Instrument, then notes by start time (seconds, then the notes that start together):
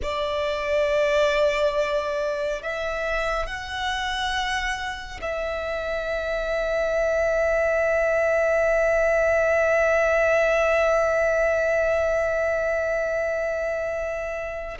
violin
0.02 D5
2.62 E5
3.46 F#5
5.21 E5